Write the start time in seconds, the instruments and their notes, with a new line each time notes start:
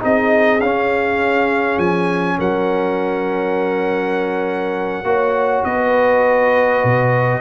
0.00 tuba C4, trombone D#4, horn G#4, trumpet D#5
0.60 tuba C#4, trombone C#4, trumpet F5
1.78 tuba F3, trumpet G#5
2.38 tuba F#3, horn A#4, trumpet F#5
5.03 tuba A#3, trombone F#4, horn C#5
5.64 tuba B3, horn B4, trumpet D#5
6.84 tuba B2